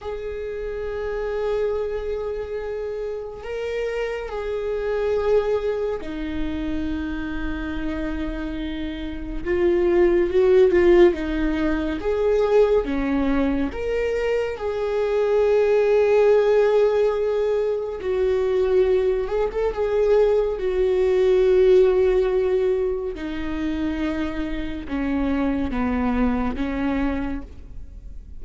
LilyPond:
\new Staff \with { instrumentName = "viola" } { \time 4/4 \tempo 4 = 70 gis'1 | ais'4 gis'2 dis'4~ | dis'2. f'4 | fis'8 f'8 dis'4 gis'4 cis'4 |
ais'4 gis'2.~ | gis'4 fis'4. gis'16 a'16 gis'4 | fis'2. dis'4~ | dis'4 cis'4 b4 cis'4 | }